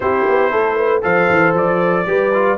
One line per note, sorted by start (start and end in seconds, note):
0.00 0.25 C4
0.00 1.01 E4
0.00 0.51 G4
0.00 1.03 C5
0.28 0.52 B3
0.51 1.03 A3
0.51 0.76 A4
0.76 1.02 B4
1.01 1.29 F3
1.01 2.05 A4
1.01 2.07 C5
1.01 1.55 F5
1.29 1.54 E3
1.54 2.06 F3
1.54 2.57 D5
2.06 2.57 G3
2.06 2.32 G4
2.06 2.57 B4
2.33 2.57 F4